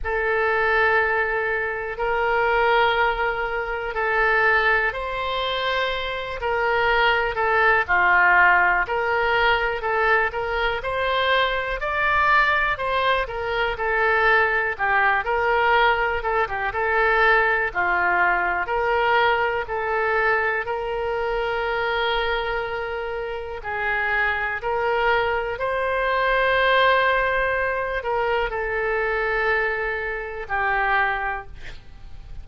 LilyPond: \new Staff \with { instrumentName = "oboe" } { \time 4/4 \tempo 4 = 61 a'2 ais'2 | a'4 c''4. ais'4 a'8 | f'4 ais'4 a'8 ais'8 c''4 | d''4 c''8 ais'8 a'4 g'8 ais'8~ |
ais'8 a'16 g'16 a'4 f'4 ais'4 | a'4 ais'2. | gis'4 ais'4 c''2~ | c''8 ais'8 a'2 g'4 | }